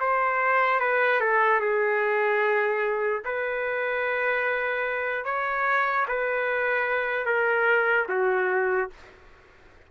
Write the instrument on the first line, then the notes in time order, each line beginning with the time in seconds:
trumpet
0.00 C5
0.80 B4
1.21 A4
1.60 G#4
3.24 B4
5.24 C#5
6.08 B4
7.25 A#4
8.09 F#4